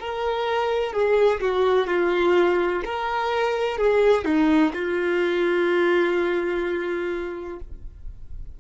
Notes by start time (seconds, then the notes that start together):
0.00 A#4
0.93 G#4
1.41 F#4
1.87 F4
2.85 A#4
3.78 G#4
4.25 D#4
4.74 F4